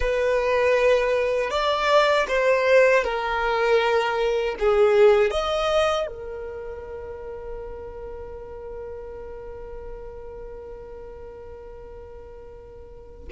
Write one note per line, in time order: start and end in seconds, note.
0.00 1.50 B4
1.50 2.26 D5
2.28 3.03 C5
3.03 4.55 A#4
4.59 5.31 G#4
5.31 6.07 D#5
6.07 13.28 A#4